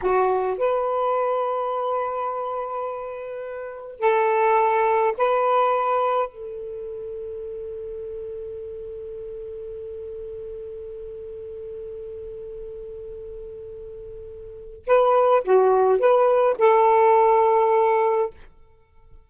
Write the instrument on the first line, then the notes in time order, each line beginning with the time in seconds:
saxophone
0.01 F#4
0.58 B4
3.99 A4
5.17 B4
6.28 A4
14.86 B4
15.44 F#4
15.99 B4
16.58 A4